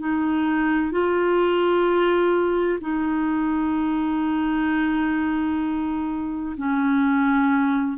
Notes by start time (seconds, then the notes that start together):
0.00 D#4
0.92 F4
2.81 D#4
6.58 C#4